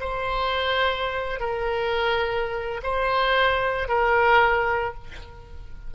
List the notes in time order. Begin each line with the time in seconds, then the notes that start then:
0.00 C5
1.40 A#4
2.83 C5
3.88 A#4